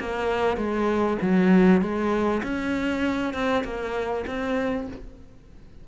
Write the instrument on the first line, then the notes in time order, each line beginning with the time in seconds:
cello
0.00 A#3
0.57 G#3
1.22 F#3
1.82 G#3
2.43 C#4
3.34 C4
3.64 A#3
4.27 C4